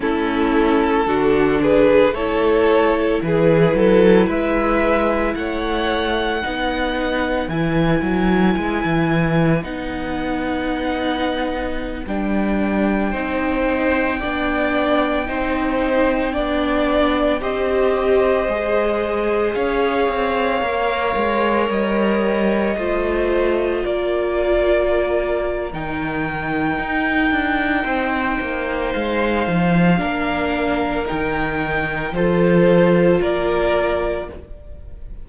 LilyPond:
<<
  \new Staff \with { instrumentName = "violin" } { \time 4/4 \tempo 4 = 56 a'4. b'8 cis''4 b'4 | e''4 fis''2 gis''4~ | gis''4 fis''2~ fis''16 g''8.~ | g''1~ |
g''16 dis''2 f''4.~ f''16~ | f''16 dis''2 d''4.~ d''16 | g''2. f''4~ | f''4 g''4 c''4 d''4 | }
  \new Staff \with { instrumentName = "violin" } { \time 4/4 e'4 fis'8 gis'8 a'4 gis'8 a'8 | b'4 cis''4 b'2~ | b'1~ | b'16 c''4 d''4 c''4 d''8.~ |
d''16 c''2 cis''4.~ cis''16~ | cis''4~ cis''16 c''4 ais'4.~ ais'16~ | ais'2 c''2 | ais'2 a'4 ais'4 | }
  \new Staff \with { instrumentName = "viola" } { \time 4/4 cis'4 d'4 e'2~ | e'2 dis'4 e'4~ | e'4 dis'2~ dis'16 d'8.~ | d'16 dis'4 d'4 dis'4 d'8.~ |
d'16 g'4 gis'2 ais'8.~ | ais'4~ ais'16 f'2~ f'8. | dis'1 | d'4 dis'4 f'2 | }
  \new Staff \with { instrumentName = "cello" } { \time 4/4 a4 d4 a4 e8 fis8 | gis4 a4 b4 e8 fis8 | gis16 e8. b2~ b16 g8.~ | g16 c'4 b4 c'4 b8.~ |
b16 c'4 gis4 cis'8 c'8 ais8 gis16~ | gis16 g4 a4 ais4.~ ais16 | dis4 dis'8 d'8 c'8 ais8 gis8 f8 | ais4 dis4 f4 ais4 | }
>>